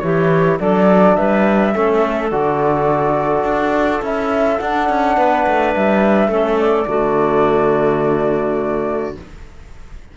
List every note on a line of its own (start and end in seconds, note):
0.00 0.59 E3
0.00 0.59 E4
0.00 0.59 G4
0.00 0.57 C#5
0.59 1.17 F#3
0.59 1.74 D4
0.59 1.17 A4
0.59 1.16 D5
1.16 1.75 G3
1.16 1.74 B4
1.16 2.30 E5
1.74 2.32 A3
1.74 2.31 C#4
1.74 5.17 A4
2.31 3.43 D3
2.31 4.02 F#4
2.31 4.03 D5
3.43 4.01 D4
4.01 4.59 C#4
4.01 4.60 E4
4.01 4.59 E5
4.59 6.29 D4
4.59 4.89 D4
4.59 5.73 F#5
4.89 5.17 C#4
5.17 5.46 B3
5.17 6.30 B4
5.47 5.75 A3
5.75 6.28 G3
5.75 6.60 E5
6.28 6.85 A3
6.28 6.86 C#4
6.28 6.87 A4
6.60 9.17 D5
6.86 9.16 D3
6.86 9.14 A3
6.86 9.17 F#4